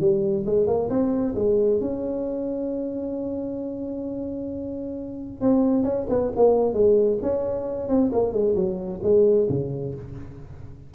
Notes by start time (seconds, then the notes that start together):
0.00 G3
0.46 G#3
0.67 A#3
0.90 C4
1.35 G#3
1.80 C#4
5.41 C4
5.83 C#4
6.09 B3
6.36 A#3
6.73 G#3
7.22 C#4
7.88 C4
8.12 A#3
8.32 G#3
8.55 F#3
9.02 G#3
9.49 C#3